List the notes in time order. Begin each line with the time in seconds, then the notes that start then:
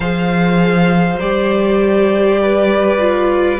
0.00 F3 G#4 C5 F5
1.20 G3 G4 D5
2.42 B4
2.98 F4